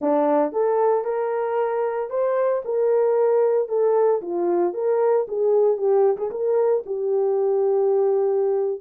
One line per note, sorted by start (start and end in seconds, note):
0.01 0.52 D4
0.52 1.04 A4
1.04 2.09 A#4
2.09 2.62 C5
2.64 3.68 A#4
3.68 4.21 A4
4.21 4.73 F4
4.73 5.26 A#4
5.28 5.77 G#4
5.77 6.17 G4
6.17 6.30 G#4
6.30 6.83 A#4
6.86 8.81 G4